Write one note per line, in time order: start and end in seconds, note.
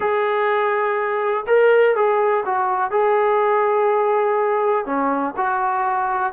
0.00 1.45 G#4
1.46 1.95 A#4
1.95 2.44 G#4
2.45 2.90 F#4
2.90 4.85 G#4
4.85 5.34 C#4
5.36 6.33 F#4